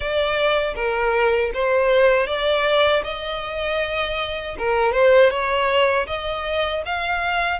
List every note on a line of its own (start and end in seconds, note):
0.00 0.74 D5
0.75 1.51 A#4
1.54 2.26 C5
2.26 3.02 D5
3.04 4.56 D#5
4.58 4.92 A#4
4.92 5.30 C5
5.30 6.06 C#5
6.07 6.83 D#5
6.85 7.59 F5